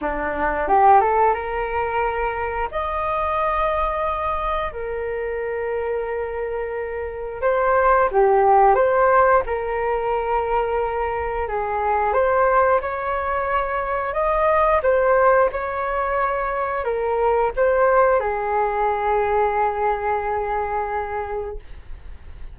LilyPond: \new Staff \with { instrumentName = "flute" } { \time 4/4 \tempo 4 = 89 d'4 g'8 a'8 ais'2 | dis''2. ais'4~ | ais'2. c''4 | g'4 c''4 ais'2~ |
ais'4 gis'4 c''4 cis''4~ | cis''4 dis''4 c''4 cis''4~ | cis''4 ais'4 c''4 gis'4~ | gis'1 | }